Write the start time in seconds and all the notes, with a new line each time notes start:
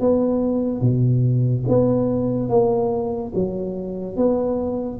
0.00 B3
0.81 B2
1.68 B3
2.49 A#3
3.35 F#3
4.16 B3